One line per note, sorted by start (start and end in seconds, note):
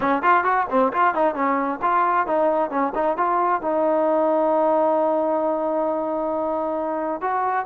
0.00 0.22 C#4
0.22 0.43 F4
0.43 0.66 F#4
0.70 0.92 C4
0.92 1.14 F4
1.14 1.34 D#4
1.34 1.79 C#4
1.82 2.26 F4
2.26 2.70 D#4
2.70 2.92 C#4
2.94 3.17 D#4
3.17 3.61 F4
3.61 7.21 D#4
7.21 7.65 F#4